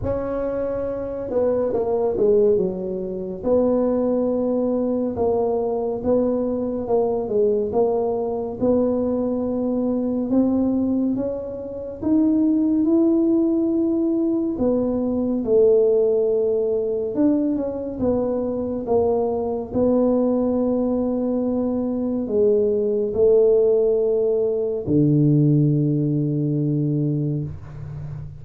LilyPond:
\new Staff \with { instrumentName = "tuba" } { \time 4/4 \tempo 4 = 70 cis'4. b8 ais8 gis8 fis4 | b2 ais4 b4 | ais8 gis8 ais4 b2 | c'4 cis'4 dis'4 e'4~ |
e'4 b4 a2 | d'8 cis'8 b4 ais4 b4~ | b2 gis4 a4~ | a4 d2. | }